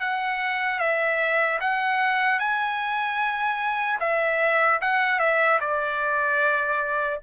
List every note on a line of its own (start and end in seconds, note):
0.00 0.79 F#5
0.79 1.59 E5
1.60 2.39 F#5
2.39 3.99 G#5
4.00 4.80 E5
4.81 5.19 F#5
5.19 5.59 E5
5.60 7.20 D5